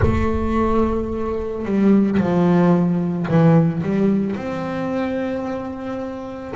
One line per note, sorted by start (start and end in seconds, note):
0.01 1.65 A3
1.65 2.17 G3
2.17 3.26 F3
3.27 3.82 E3
3.82 4.35 G3
4.35 6.54 C4